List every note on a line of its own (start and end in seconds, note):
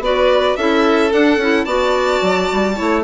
0.00 0.55 B3
0.00 0.58 F#4
0.00 0.58 B4
0.00 0.57 D5
0.57 1.12 C#4
0.57 1.11 E4
0.57 1.65 A4
0.57 1.12 E5
1.11 1.38 D4
1.11 1.65 F#5
1.38 1.65 C#4
1.38 1.67 E4
1.65 2.21 B3
1.65 2.75 F#4
1.65 2.75 D5
1.65 3.03 A5
2.22 2.50 F#3
2.53 2.80 G3
2.75 3.04 A3
2.75 3.03 E4
2.75 3.03 C#5